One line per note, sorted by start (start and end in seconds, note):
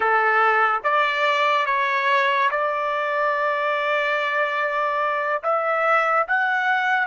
0.00 0.80 A4
0.83 1.66 D5
1.66 2.49 C#5
2.50 5.42 D5
5.43 6.26 E5
6.27 7.06 F#5